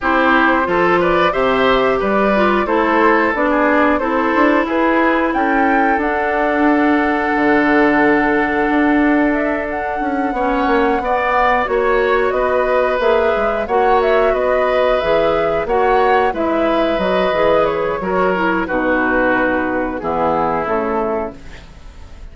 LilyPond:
<<
  \new Staff \with { instrumentName = "flute" } { \time 4/4 \tempo 4 = 90 c''4. d''8 e''4 d''4 | c''4 d''4 c''4 b'4 | g''4 fis''2.~ | fis''2 e''8 fis''4.~ |
fis''4. cis''4 dis''4 e''8~ | e''8 fis''8 e''8 dis''4 e''4 fis''8~ | fis''8 e''4 dis''4 cis''4. | b'2 gis'4 a'4 | }
  \new Staff \with { instrumentName = "oboe" } { \time 4/4 g'4 a'8 b'8 c''4 b'4 | a'4~ a'16 gis'8. a'4 gis'4 | a'1~ | a'2.~ a'8 cis''8~ |
cis''8 d''4 cis''4 b'4.~ | b'8 cis''4 b'2 cis''8~ | cis''8 b'2~ b'8 ais'4 | fis'2 e'2 | }
  \new Staff \with { instrumentName = "clarinet" } { \time 4/4 e'4 f'4 g'4. f'8 | e'4 d'4 e'2~ | e'4 d'2.~ | d'2.~ d'8 cis'8~ |
cis'8 b4 fis'2 gis'8~ | gis'8 fis'2 gis'4 fis'8~ | fis'8 e'4 fis'8 gis'4 fis'8 e'8 | dis'2 b4 a4 | }
  \new Staff \with { instrumentName = "bassoon" } { \time 4/4 c'4 f4 c4 g4 | a4 b4 c'8 d'8 e'4 | cis'4 d'2 d4~ | d4 d'2 cis'8 b8 |
ais8 b4 ais4 b4 ais8 | gis8 ais4 b4 e4 ais8~ | ais8 gis4 fis8 e4 fis4 | b,2 e4 cis4 | }
>>